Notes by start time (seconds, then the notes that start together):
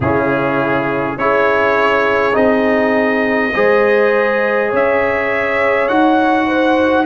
0.00 C#3 C#4 E4 G#4
1.17 C#4 E4 G#4 C#5
2.32 C4 D#4 D#5
3.54 G#3 G#4 C5
4.69 C#4 C#5
4.75 E5
5.87 D#4 F#4 F#5
6.46 C5